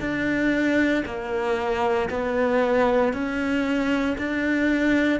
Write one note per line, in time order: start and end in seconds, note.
0.00 1.03 D4
1.05 2.09 A#3
2.10 3.13 B3
3.13 4.16 C#4
4.18 5.20 D4